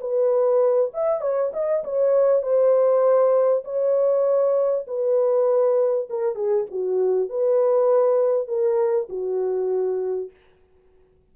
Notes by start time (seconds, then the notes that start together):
0.00 B4
0.93 E5
1.21 C#5
1.53 D#5
1.83 C#5
2.42 C5
3.64 C#5
4.87 B4
6.09 A#4
6.35 G#4
6.70 F#4
7.29 B4
8.47 A#4
9.09 F#4